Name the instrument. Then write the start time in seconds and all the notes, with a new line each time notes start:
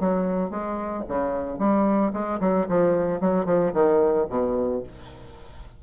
bassoon
0.00 F#3
0.51 G#3
1.09 C#3
1.59 G3
2.14 G#3
2.41 F#3
2.69 F3
3.21 F#3
3.46 F3
3.74 D#3
4.30 B2